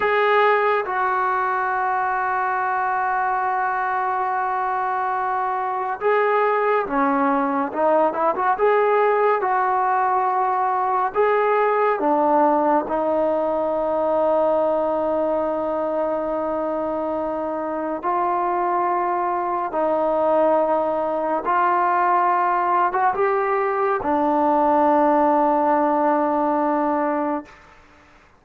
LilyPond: \new Staff \with { instrumentName = "trombone" } { \time 4/4 \tempo 4 = 70 gis'4 fis'2.~ | fis'2. gis'4 | cis'4 dis'8 e'16 fis'16 gis'4 fis'4~ | fis'4 gis'4 d'4 dis'4~ |
dis'1~ | dis'4 f'2 dis'4~ | dis'4 f'4.~ f'16 fis'16 g'4 | d'1 | }